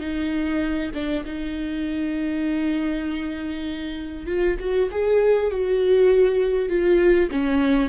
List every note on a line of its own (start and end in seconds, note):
0.00 0.91 D#4
0.94 1.24 D4
1.25 4.26 D#4
4.26 4.57 F4
4.60 4.90 F#4
4.91 5.51 G#4
5.51 6.69 F#4
6.69 7.30 F4
7.31 7.89 C#4